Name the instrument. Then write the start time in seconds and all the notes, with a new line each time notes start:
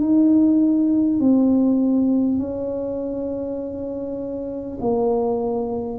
tuba
0.00 D#4
1.19 C4
2.39 C#4
4.81 A#3